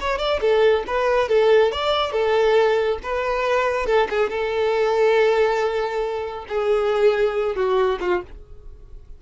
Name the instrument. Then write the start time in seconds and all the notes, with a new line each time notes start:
violin
0.00 C#5
0.19 D5
0.41 A4
0.87 B4
1.29 A4
1.72 D5
2.12 A4
3.03 B4
3.86 A4
4.10 G#4
4.29 A4
6.48 G#4
7.56 F#4
8.00 F4